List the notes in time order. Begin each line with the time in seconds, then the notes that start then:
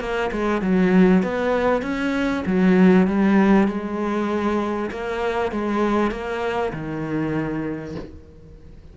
0.00 A#3
0.31 G#3
0.61 F#3
1.22 B3
1.82 C#4
2.46 F#3
3.07 G3
3.68 G#3
4.91 A#3
5.51 G#3
6.11 A#3
6.73 D#3